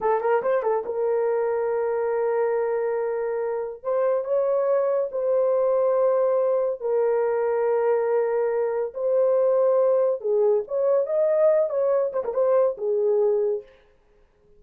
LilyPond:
\new Staff \with { instrumentName = "horn" } { \time 4/4 \tempo 4 = 141 a'8 ais'8 c''8 a'8 ais'2~ | ais'1~ | ais'4 c''4 cis''2 | c''1 |
ais'1~ | ais'4 c''2. | gis'4 cis''4 dis''4. cis''8~ | cis''8 c''16 ais'16 c''4 gis'2 | }